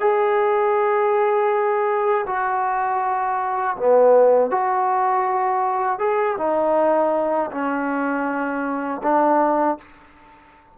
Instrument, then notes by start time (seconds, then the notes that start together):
trombone
0.00 G#4
2.26 F#4
3.76 B3
4.50 F#4
5.99 G#4
6.38 D#4
7.51 C#4
9.02 D4